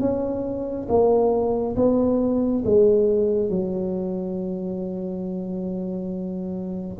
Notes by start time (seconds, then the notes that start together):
0.00 C#4
0.89 A#3
1.76 B3
2.64 G#3
3.49 F#3